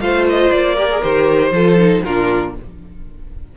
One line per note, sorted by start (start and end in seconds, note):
0.00 0.50 A3
0.00 0.76 F4
0.00 0.75 C5
0.00 0.26 F5
0.29 0.51 D#5
0.51 1.01 A#3
0.51 1.02 D5
0.75 0.90 G4
0.75 1.50 A#4
0.90 1.01 G#4
1.01 1.51 D#3
1.01 1.52 G4
1.01 2.03 C5
1.51 2.01 F3
1.51 1.78 F4
1.51 2.04 A4
1.78 2.04 D#4
2.04 2.56 A#2
2.04 2.57 D4
2.04 2.54 F4
2.04 2.54 A#4